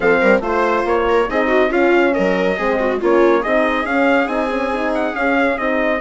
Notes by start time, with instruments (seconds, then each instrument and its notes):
0.00 bassoon F3, horn C4, viola A4, trumpet F5
0.20 bassoon G3, viola A#4
0.40 bassoon A3, horn F4, viola C5
0.46 trumpet C5
0.85 bassoon A#3, trumpet C#5
1.07 viola A#4
1.29 bassoon C4, horn D#4, viola G#4, trumpet D#5
1.47 viola F#4
1.69 bassoon C#4, horn C#4, viola F4, trumpet F5
2.14 bassoon F#3, viola A#4, trumpet D#5
2.56 bassoon G#3, horn C4, viola G#4
2.79 viola F#4
3.00 bassoon A#3, horn C#4, viola F4, trumpet C#5
3.40 bassoon C4, horn D#4, viola G#4, trumpet D#5
3.84 bassoon C#4, horn C#4, trumpet F5
4.26 bassoon C4, horn D#4, trumpet G#5
4.49 horn C#4
4.72 horn D#4
4.94 trumpet F#5
5.14 bassoon C#4, horn C#4, trumpet F5
5.57 bassoon C4, horn D#4, trumpet D#5